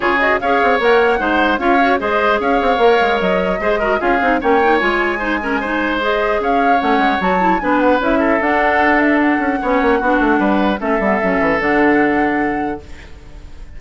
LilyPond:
<<
  \new Staff \with { instrumentName = "flute" } { \time 4/4 \tempo 4 = 150 cis''8 dis''8 f''4 fis''2 | f''4 dis''4 f''2 | dis''2 f''4 g''4 | gis''2. dis''4 |
f''4 fis''4 a''4 gis''8 fis''8 | e''4 fis''4. e''8 fis''4~ | fis''2. e''4~ | e''4 fis''2. | }
  \new Staff \with { instrumentName = "oboe" } { \time 4/4 gis'4 cis''2 c''4 | cis''4 c''4 cis''2~ | cis''4 c''8 ais'8 gis'4 cis''4~ | cis''4 c''8 ais'8 c''2 |
cis''2. b'4~ | b'8 a'2.~ a'8 | cis''4 fis'4 b'4 a'4~ | a'1 | }
  \new Staff \with { instrumentName = "clarinet" } { \time 4/4 f'8 fis'8 gis'4 ais'4 dis'4 | f'8 fis'8 gis'2 ais'4~ | ais'4 gis'8 fis'8 f'8 dis'8 cis'8 dis'8 | f'4 dis'8 cis'8 dis'4 gis'4~ |
gis'4 cis'4 fis'8 e'8 d'4 | e'4 d'2. | cis'4 d'2 cis'8 b8 | cis'4 d'2. | }
  \new Staff \with { instrumentName = "bassoon" } { \time 4/4 cis4 cis'8 c'8 ais4 gis4 | cis'4 gis4 cis'8 c'8 ais8 gis8 | fis4 gis4 cis'8 c'8 ais4 | gis1 |
cis'4 a8 gis8 fis4 b4 | cis'4 d'2~ d'8 cis'8 | b8 ais8 b8 a8 g4 a8 g8 | fis8 e8 d2. | }
>>